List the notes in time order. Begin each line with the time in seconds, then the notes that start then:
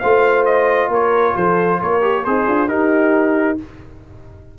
0.00 A3 F4 C5 F5
0.46 D#5
0.89 A#3 A#4 C#5
1.36 F3 A4 C5
1.81 A#3 A#4 C#5
2.02 G4
2.25 C4 D#4 G#4 C5
2.47 D4 F4
2.68 D#4 G4 A#4